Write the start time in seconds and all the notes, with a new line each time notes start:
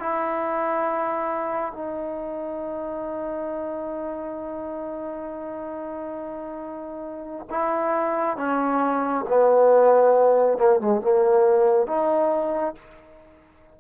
0.00 E4
1.73 D#4
7.50 E4
8.37 C#4
9.28 B3
10.58 A#3
10.80 G#3
11.01 A#3
11.87 D#4